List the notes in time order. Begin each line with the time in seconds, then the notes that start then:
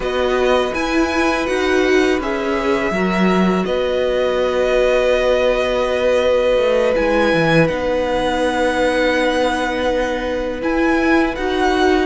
0.00 B3 F#4 B4 D#5
0.73 E4 G#5
1.46 D#4 F#4 F#5
2.19 C#4 G#4 E5
2.90 F#3 F#4 A#4
3.65 B3 B4 D#5
6.56 A3
6.95 G#3 E4 G#5
7.33 E3
7.67 B3 D#4 F#5
10.61 E4 G#5
11.35 D#4 F#4 F#5